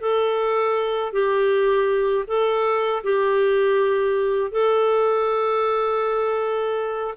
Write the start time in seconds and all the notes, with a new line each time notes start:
0.00 A4
1.12 G4
2.27 A4
3.03 G4
4.51 A4